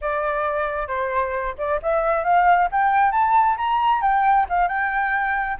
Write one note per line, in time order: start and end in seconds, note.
0.01 0.87 D5
0.87 1.54 C5
1.58 1.80 D5
1.82 2.24 E5
2.24 2.69 F5
2.71 3.11 G5
3.11 3.56 A5
3.57 4.01 A#5
4.01 4.46 G5
4.49 4.68 F5
4.68 5.57 G5